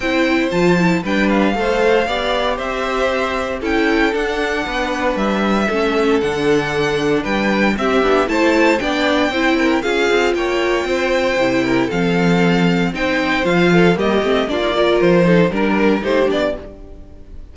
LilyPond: <<
  \new Staff \with { instrumentName = "violin" } { \time 4/4 \tempo 4 = 116 g''4 a''4 g''8 f''4.~ | f''4 e''2 g''4 | fis''2 e''2 | fis''2 g''4 e''4 |
a''4 g''2 f''4 | g''2. f''4~ | f''4 g''4 f''4 dis''4 | d''4 c''4 ais'4 c''8 d''8 | }
  \new Staff \with { instrumentName = "violin" } { \time 4/4 c''2 b'4 c''4 | d''4 c''2 a'4~ | a'4 b'2 a'4~ | a'2 b'4 g'4 |
c''4 d''4 c''8 ais'8 gis'4 | cis''4 c''4. ais'8 a'4~ | a'4 c''4. a'8 g'4 | f'8 ais'4 a'8 ais'4 g'4 | }
  \new Staff \with { instrumentName = "viola" } { \time 4/4 e'4 f'8 e'8 d'4 a'4 | g'2. e'4 | d'2. cis'4 | d'2. c'8 d'8 |
e'4 d'4 e'4 f'4~ | f'2 e'4 c'4~ | c'4 dis'4 f'4 ais8 c'8 | d'16 dis'16 f'4 dis'8 d'4 dis'8 d'8 | }
  \new Staff \with { instrumentName = "cello" } { \time 4/4 c'4 f4 g4 a4 | b4 c'2 cis'4 | d'4 b4 g4 a4 | d2 g4 c'8 b8 |
a4 b4 c'4 cis'8 c'8 | ais4 c'4 c4 f4~ | f4 c'4 f4 g8 a8 | ais4 f4 g4 a8 b8 | }
>>